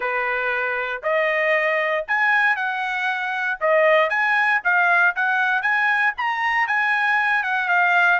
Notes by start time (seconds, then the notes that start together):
0.00 B4
1.02 D#5
2.07 G#5
2.56 F#5
3.60 D#5
4.09 G#5
4.63 F5
5.15 F#5
5.62 G#5
6.17 A#5
6.67 G#5
7.43 F#5
7.68 F5